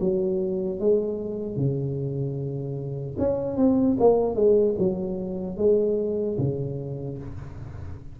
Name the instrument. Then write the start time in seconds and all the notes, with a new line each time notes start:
tuba
0.00 F#3
0.80 G#3
1.56 C#3
3.18 C#4
3.56 C4
4.00 A#3
4.35 G#3
4.78 F#3
5.57 G#3
6.38 C#3